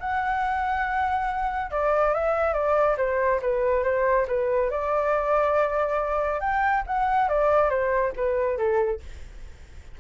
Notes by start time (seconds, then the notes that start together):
0.00 F#5
1.71 D5
2.14 E5
2.53 D5
2.97 C5
3.42 B4
3.83 C5
4.28 B4
4.70 D5
6.40 G5
6.86 F#5
7.29 D5
7.70 C5
8.16 B4
8.57 A4